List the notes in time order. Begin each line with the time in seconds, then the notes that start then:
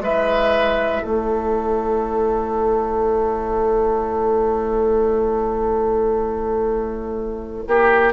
0.00 G#3 E4 B4 E5
1.03 A3 A4 C#5
7.67 A#3 G4